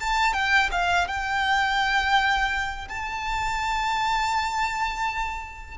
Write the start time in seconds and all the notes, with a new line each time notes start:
0.00 A5
0.33 G5
0.72 F5
1.07 G5
2.88 A5